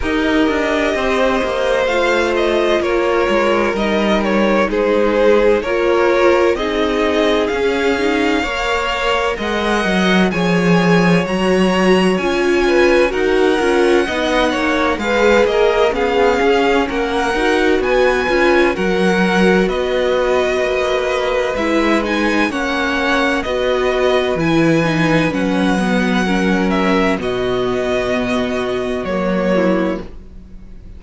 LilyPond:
<<
  \new Staff \with { instrumentName = "violin" } { \time 4/4 \tempo 4 = 64 dis''2 f''8 dis''8 cis''4 | dis''8 cis''8 c''4 cis''4 dis''4 | f''2 fis''4 gis''4 | ais''4 gis''4 fis''2 |
f''8 dis''8 f''4 fis''4 gis''4 | fis''4 dis''2 e''8 gis''8 | fis''4 dis''4 gis''4 fis''4~ | fis''8 e''8 dis''2 cis''4 | }
  \new Staff \with { instrumentName = "violin" } { \time 4/4 ais'4 c''2 ais'4~ | ais'4 gis'4 ais'4 gis'4~ | gis'4 cis''4 dis''4 cis''4~ | cis''4. b'8 ais'4 dis''8 cis''8 |
b'8 ais'8 gis'4 ais'4 b'4 | ais'4 b'2. | cis''4 b'2. | ais'4 fis'2~ fis'8 e'8 | }
  \new Staff \with { instrumentName = "viola" } { \time 4/4 g'2 f'2 | dis'2 f'4 dis'4 | cis'8 dis'8 ais'2 gis'4 | fis'4 f'4 fis'8 f'8 dis'4 |
gis'4 cis'4. fis'4 f'8 | fis'2. e'8 dis'8 | cis'4 fis'4 e'8 dis'8 cis'8 b8 | cis'4 b2 ais4 | }
  \new Staff \with { instrumentName = "cello" } { \time 4/4 dis'8 d'8 c'8 ais8 a4 ais8 gis8 | g4 gis4 ais4 c'4 | cis'4 ais4 gis8 fis8 f4 | fis4 cis'4 dis'8 cis'8 b8 ais8 |
gis8 ais8 b8 cis'8 ais8 dis'8 b8 cis'8 | fis4 b4 ais4 gis4 | ais4 b4 e4 fis4~ | fis4 b,2 fis4 | }
>>